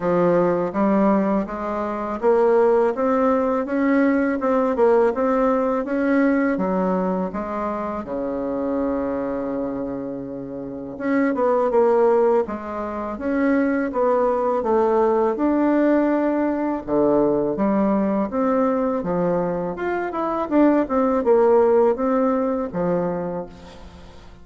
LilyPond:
\new Staff \with { instrumentName = "bassoon" } { \time 4/4 \tempo 4 = 82 f4 g4 gis4 ais4 | c'4 cis'4 c'8 ais8 c'4 | cis'4 fis4 gis4 cis4~ | cis2. cis'8 b8 |
ais4 gis4 cis'4 b4 | a4 d'2 d4 | g4 c'4 f4 f'8 e'8 | d'8 c'8 ais4 c'4 f4 | }